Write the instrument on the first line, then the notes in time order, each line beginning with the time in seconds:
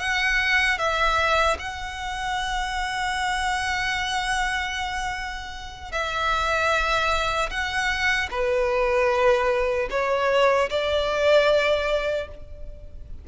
violin
0.00 F#5
0.79 E5
1.59 F#5
5.92 E5
7.50 F#5
8.31 B4
9.91 C#5
10.70 D5